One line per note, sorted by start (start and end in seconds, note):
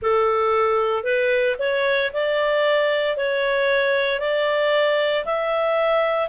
0.02 1.03 A4
1.03 1.56 B4
1.58 2.11 C#5
2.13 3.16 D5
3.16 4.19 C#5
4.19 5.24 D5
5.25 6.28 E5